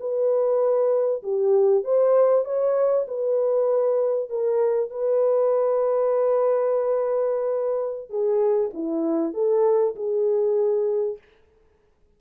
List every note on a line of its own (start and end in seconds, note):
0.00 1.22 B4
1.23 1.84 G4
1.84 2.45 C5
2.45 3.06 C#5
3.08 4.29 B4
4.29 4.90 A#4
4.90 8.09 B4
8.09 8.70 G#4
8.73 9.34 E4
9.34 9.95 A4
9.95 11.18 G#4